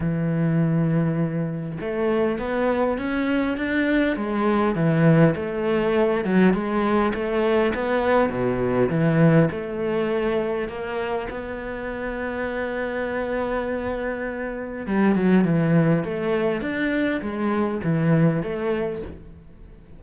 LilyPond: \new Staff \with { instrumentName = "cello" } { \time 4/4 \tempo 4 = 101 e2. a4 | b4 cis'4 d'4 gis4 | e4 a4. fis8 gis4 | a4 b4 b,4 e4 |
a2 ais4 b4~ | b1~ | b4 g8 fis8 e4 a4 | d'4 gis4 e4 a4 | }